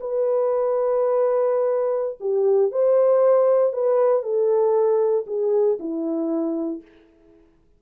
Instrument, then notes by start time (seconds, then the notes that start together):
horn
0.00 B4
2.20 G4
2.71 C5
3.73 B4
4.22 A4
5.27 G#4
5.79 E4